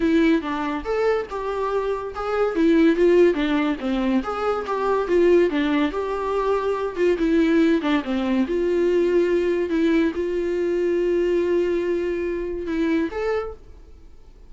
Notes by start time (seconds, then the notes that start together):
0.00 E4
0.41 D4
0.84 A4
1.29 G4
2.14 G#4
2.55 E4
2.96 F4
3.34 D4
3.80 C4
4.23 G#4
4.66 G4
5.07 F4
5.50 D4
5.91 G4
6.95 F4
7.18 E4
7.81 D4
8.04 C4
8.47 F4
9.69 E4
10.14 F4
12.66 E4
13.11 A4